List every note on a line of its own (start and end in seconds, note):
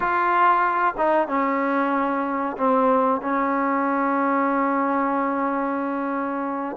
0.00 0.94 F4
0.97 1.27 D#4
1.27 2.56 C#4
2.57 3.21 C4
3.21 6.76 C#4